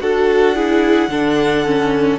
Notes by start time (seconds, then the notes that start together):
0.00 D4 F#4 A4 F#5
0.54 E4 G#4
1.08 D3 D4 A4
1.65 C#4